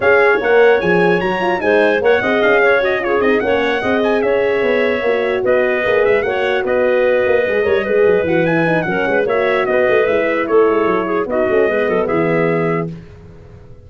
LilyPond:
<<
  \new Staff \with { instrumentName = "trumpet" } { \time 4/4 \tempo 4 = 149 f''4 fis''4 gis''4 ais''4 | gis''4 fis''4 f''4 dis''8 cis''8 | dis''8 fis''4. gis''8 e''4.~ | e''4. dis''4. e''8 fis''8~ |
fis''8 dis''2.~ dis''8~ | dis''8 fis''8 gis''4 fis''4 e''4 | dis''4 e''4 cis''2 | dis''2 e''2 | }
  \new Staff \with { instrumentName = "clarinet" } { \time 4/4 cis''1 | c''4 cis''8 dis''4 cis''4 gis'8~ | gis'8 cis''4 dis''4 cis''4.~ | cis''4. b'2 cis''8~ |
cis''8 b'2~ b'8 cis''8 b'8~ | b'2 ais'8 b'8 cis''4 | b'2 a'4. gis'8 | fis'4 b'8 a'8 gis'2 | }
  \new Staff \with { instrumentName = "horn" } { \time 4/4 gis'4 ais'4 gis'4 fis'8 f'8 | dis'4 ais'8 gis'4. fis'8 f'8 | dis'8 cis'4 gis'2~ gis'8~ | gis'8 fis'2 gis'4 fis'8~ |
fis'2~ fis'8 gis'8 ais'8 gis'8~ | gis'8 fis'8 e'8 dis'8 cis'4 fis'4~ | fis'4 e'2. | dis'8 cis'8 b2. | }
  \new Staff \with { instrumentName = "tuba" } { \time 4/4 cis'4 ais4 f4 fis4 | gis4 ais8 c'8 cis'2 | c'8 ais4 c'4 cis'4 b8~ | b8 ais4 b4 ais8 gis8 ais8~ |
ais8 b4. ais8 gis8 g8 gis8 | fis8 e4. fis8 gis8 ais4 | b8 a8 gis4 a8 gis8 fis4 | b8 a8 gis8 fis8 e2 | }
>>